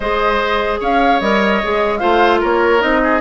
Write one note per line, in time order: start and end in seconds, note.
0.00 0.79 G#3
0.00 1.21 G#4
0.00 0.80 C5
0.00 0.80 D#5
0.80 1.20 C#4
0.80 1.99 C#5
0.80 1.20 F5
1.20 1.61 G3
1.20 1.62 A#4
1.20 1.97 D#5
1.63 2.02 G#3
1.63 1.99 G#4
1.97 2.42 A3
1.97 2.79 F4
1.97 2.40 C5
1.97 2.37 F5
2.40 2.82 A#3
2.40 3.01 A#4
2.40 2.81 C#5
2.79 3.20 C4
2.79 3.19 D#4
2.79 3.20 D#5
3.03 3.20 G#4